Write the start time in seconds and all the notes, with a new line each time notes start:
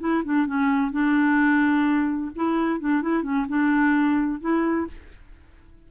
0.00 E4
0.24 D4
0.47 C#4
0.92 D4
2.36 E4
2.80 D4
3.02 E4
3.23 C#4
3.48 D4
4.41 E4